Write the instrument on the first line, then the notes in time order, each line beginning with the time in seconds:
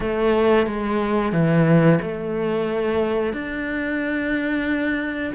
cello
0.00 A3
0.66 G#3
1.32 E3
2.02 A3
3.33 D4